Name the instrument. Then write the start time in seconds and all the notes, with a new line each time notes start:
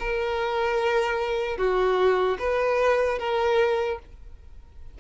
violin
0.00 A#4
1.58 F#4
2.39 B4
3.19 A#4